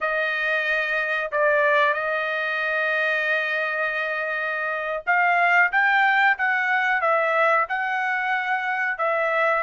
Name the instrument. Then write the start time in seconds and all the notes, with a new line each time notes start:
trumpet
0.00 D#5
1.31 D5
1.93 D#5
5.06 F5
5.72 G5
6.37 F#5
7.01 E5
7.68 F#5
8.97 E5